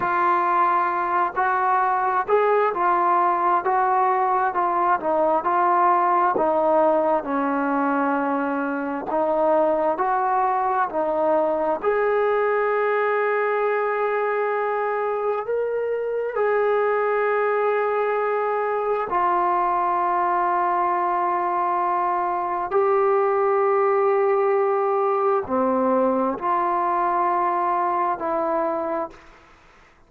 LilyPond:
\new Staff \with { instrumentName = "trombone" } { \time 4/4 \tempo 4 = 66 f'4. fis'4 gis'8 f'4 | fis'4 f'8 dis'8 f'4 dis'4 | cis'2 dis'4 fis'4 | dis'4 gis'2.~ |
gis'4 ais'4 gis'2~ | gis'4 f'2.~ | f'4 g'2. | c'4 f'2 e'4 | }